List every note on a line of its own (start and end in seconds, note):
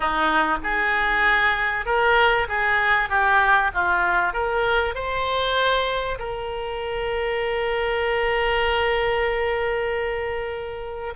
0.00 0.58 D#4
0.63 1.85 G#4
1.85 2.47 A#4
2.48 3.09 G#4
3.09 3.71 G4
3.74 4.33 F4
4.33 4.94 A#4
4.94 6.18 C5
6.18 11.13 A#4